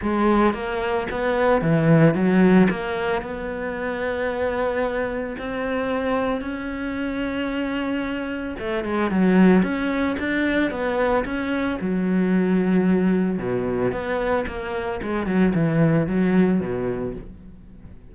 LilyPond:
\new Staff \with { instrumentName = "cello" } { \time 4/4 \tempo 4 = 112 gis4 ais4 b4 e4 | fis4 ais4 b2~ | b2 c'2 | cis'1 |
a8 gis8 fis4 cis'4 d'4 | b4 cis'4 fis2~ | fis4 b,4 b4 ais4 | gis8 fis8 e4 fis4 b,4 | }